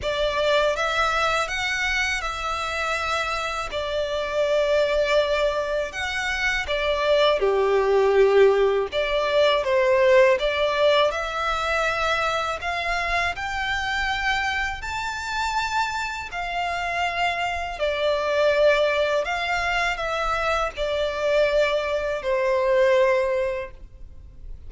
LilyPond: \new Staff \with { instrumentName = "violin" } { \time 4/4 \tempo 4 = 81 d''4 e''4 fis''4 e''4~ | e''4 d''2. | fis''4 d''4 g'2 | d''4 c''4 d''4 e''4~ |
e''4 f''4 g''2 | a''2 f''2 | d''2 f''4 e''4 | d''2 c''2 | }